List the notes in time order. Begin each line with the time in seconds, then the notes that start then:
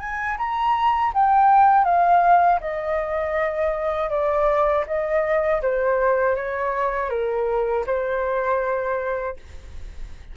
0.00 G#5
0.38 A#5
1.14 G5
1.85 F5
2.61 D#5
4.10 D5
4.87 D#5
5.62 C5
6.36 C#5
7.10 A#4
7.87 C5